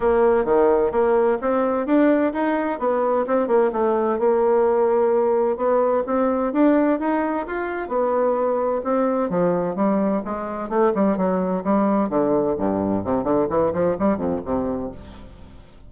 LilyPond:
\new Staff \with { instrumentName = "bassoon" } { \time 4/4 \tempo 4 = 129 ais4 dis4 ais4 c'4 | d'4 dis'4 b4 c'8 ais8 | a4 ais2. | b4 c'4 d'4 dis'4 |
f'4 b2 c'4 | f4 g4 gis4 a8 g8 | fis4 g4 d4 g,4 | c8 d8 e8 f8 g8 f,8 c4 | }